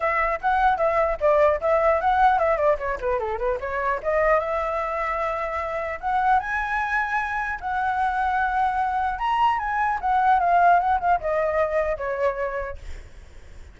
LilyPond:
\new Staff \with { instrumentName = "flute" } { \time 4/4 \tempo 4 = 150 e''4 fis''4 e''4 d''4 | e''4 fis''4 e''8 d''8 cis''8 b'8 | a'8 b'8 cis''4 dis''4 e''4~ | e''2. fis''4 |
gis''2. fis''4~ | fis''2. ais''4 | gis''4 fis''4 f''4 fis''8 f''8 | dis''2 cis''2 | }